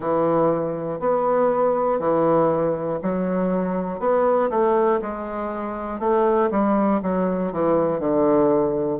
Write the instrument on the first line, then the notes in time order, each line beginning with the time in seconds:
bassoon
0.00 E3
1.00 B3
1.99 E3
3.02 F#3
3.99 B3
4.50 A3
5.01 G#3
6.00 A3
6.50 G3
7.02 F#3
7.52 E3
7.99 D3